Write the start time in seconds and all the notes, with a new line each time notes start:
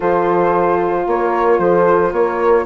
0.00 F3 F4 A4 C5
1.07 A#3 A#4 C#5
1.58 F3 A4 C5
2.12 A#3 A#4 C#5